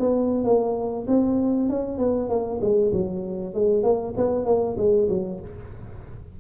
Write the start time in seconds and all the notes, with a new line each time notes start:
0.00 B3
0.44 A#3
1.08 C4
1.70 C#4
1.99 B3
2.29 A#3
2.61 G#3
2.93 F#3
3.55 G#3
3.84 A#3
4.17 B3
4.46 A#3
4.78 G#3
5.09 F#3